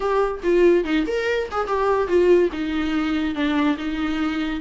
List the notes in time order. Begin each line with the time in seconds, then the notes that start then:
0.00 G4
0.43 F4
0.84 D#4
1.06 A#4
1.51 G#4
1.67 G4
2.07 F4
2.52 D#4
3.34 D4
3.77 D#4